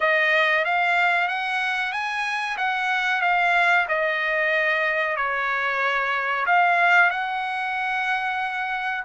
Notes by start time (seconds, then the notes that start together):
0.00 D#5
0.65 F5
1.28 F#5
1.92 G#5
2.57 F#5
3.21 F5
3.88 D#5
5.16 C#5
6.46 F5
7.10 F#5